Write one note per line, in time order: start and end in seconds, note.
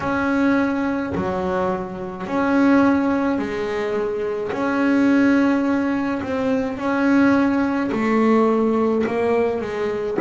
0.00 1.13 C#4
1.14 2.26 F#3
2.26 3.38 C#4
3.38 4.51 G#3
4.51 6.21 C#4
6.22 6.77 C4
6.77 7.90 C#4
7.91 9.05 A3
9.06 9.61 A#3
9.61 10.17 G#3